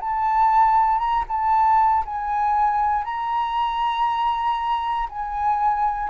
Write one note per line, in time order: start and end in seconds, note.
0.00 0.98 A5
0.98 1.24 A#5
1.28 2.04 A5
2.05 3.05 G#5
3.05 5.08 A#5
5.09 6.09 G#5